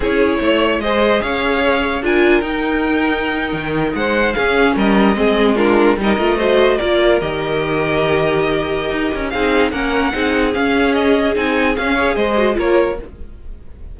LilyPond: <<
  \new Staff \with { instrumentName = "violin" } { \time 4/4 \tempo 4 = 148 cis''2 dis''4 f''4~ | f''4 gis''4 g''2~ | g''4.~ g''16 fis''4 f''4 dis''16~ | dis''4.~ dis''16 ais'4 dis''4~ dis''16~ |
dis''8. d''4 dis''2~ dis''16~ | dis''2. f''4 | fis''2 f''4 dis''4 | gis''4 f''4 dis''4 cis''4 | }
  \new Staff \with { instrumentName = "violin" } { \time 4/4 gis'4 cis''4 c''4 cis''4~ | cis''4 ais'2.~ | ais'4.~ ais'16 c''4 gis'4 ais'16~ | ais'8. gis'4 f'4 ais'4 c''16~ |
c''8. ais'2.~ ais'16~ | ais'2. gis'4 | ais'4 gis'2.~ | gis'4. cis''8 c''4 ais'4 | }
  \new Staff \with { instrumentName = "viola" } { \time 4/4 e'2 gis'2~ | gis'4 f'4 dis'2~ | dis'2~ dis'8. cis'4~ cis'16~ | cis'8. c'4 d'4 dis'8 f'8 fis'16~ |
fis'8. f'4 g'2~ g'16~ | g'2. dis'4 | cis'4 dis'4 cis'2 | dis'4 cis'8 gis'4 fis'8 f'4 | }
  \new Staff \with { instrumentName = "cello" } { \time 4/4 cis'4 a4 gis4 cis'4~ | cis'4 d'4 dis'2~ | dis'8. dis4 gis4 cis'4 g16~ | g8. gis2 g8 a8.~ |
a8. ais4 dis2~ dis16~ | dis2 dis'8 cis'8 c'4 | ais4 c'4 cis'2 | c'4 cis'4 gis4 ais4 | }
>>